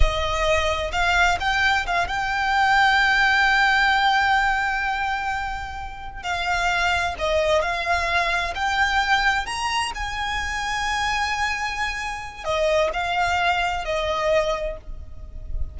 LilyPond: \new Staff \with { instrumentName = "violin" } { \time 4/4 \tempo 4 = 130 dis''2 f''4 g''4 | f''8 g''2.~ g''8~ | g''1~ | g''4. f''2 dis''8~ |
dis''8 f''2 g''4.~ | g''8 ais''4 gis''2~ gis''8~ | gis''2. dis''4 | f''2 dis''2 | }